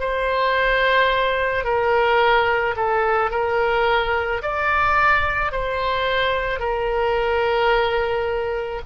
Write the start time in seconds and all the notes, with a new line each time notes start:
0.00 C5
1.64 A#4
2.76 A4
3.31 A#4
4.42 D5
5.52 C5
6.59 A#4